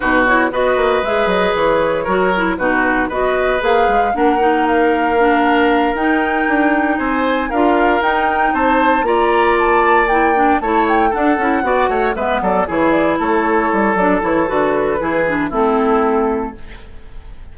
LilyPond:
<<
  \new Staff \with { instrumentName = "flute" } { \time 4/4 \tempo 4 = 116 b'8 cis''8 dis''4 e''8 dis''8 cis''4~ | cis''4 b'4 dis''4 f''4 | fis''4 f''2~ f''8 g''8~ | g''4. gis''4 f''4 g''8~ |
g''8 a''4 ais''4 a''4 g''8~ | g''8 a''8 g''8 fis''2 e''8 | d''8 cis''8 d''8 cis''4. d''8 cis''8 | b'2 a'2 | }
  \new Staff \with { instrumentName = "oboe" } { \time 4/4 fis'4 b'2. | ais'4 fis'4 b'2 | ais'1~ | ais'4. c''4 ais'4.~ |
ais'8 c''4 d''2~ d''8~ | d''8 cis''4 a'4 d''8 cis''8 b'8 | a'8 gis'4 a'2~ a'8~ | a'4 gis'4 e'2 | }
  \new Staff \with { instrumentName = "clarinet" } { \time 4/4 dis'8 e'8 fis'4 gis'2 | fis'8 e'8 dis'4 fis'4 gis'4 | d'8 dis'4. d'4. dis'8~ | dis'2~ dis'8 f'4 dis'8~ |
dis'4. f'2 e'8 | d'8 e'4 d'8 e'8 fis'4 b8~ | b8 e'2~ e'8 d'8 e'8 | fis'4 e'8 d'8 c'2 | }
  \new Staff \with { instrumentName = "bassoon" } { \time 4/4 b,4 b8 ais8 gis8 fis8 e4 | fis4 b,4 b4 ais8 gis8 | ais2.~ ais8 dis'8~ | dis'8 d'4 c'4 d'4 dis'8~ |
dis'8 c'4 ais2~ ais8~ | ais8 a4 d'8 cis'8 b8 a8 gis8 | fis8 e4 a4 g8 fis8 e8 | d4 e4 a2 | }
>>